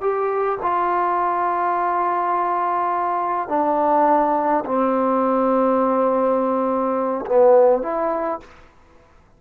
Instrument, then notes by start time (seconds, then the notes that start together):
trombone
0.00 G4
0.62 F4
3.48 D4
4.65 C4
7.26 B3
7.82 E4